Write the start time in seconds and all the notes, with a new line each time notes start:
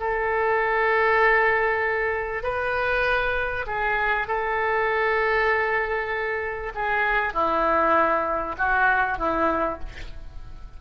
0.00 A4
2.44 B4
3.67 G#4
4.28 A4
6.75 G#4
7.34 E4
8.58 F#4
9.19 E4